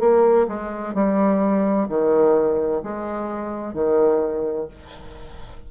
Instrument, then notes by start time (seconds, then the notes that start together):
bassoon
0.00 A#3
0.48 G#3
0.95 G3
1.89 D#3
2.83 G#3
3.74 D#3